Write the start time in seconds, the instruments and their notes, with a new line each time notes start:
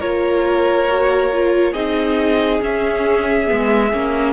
0.00 cello A#3, viola F4, violin A#4 C#5
0.88 viola F#4
1.33 viola F4
1.72 cello C4, viola D#4, violin G#4 D#5
2.61 viola C#4, cello C#4, violin E5
3.47 cello G#3, viola B3
3.93 cello A#3, viola C#4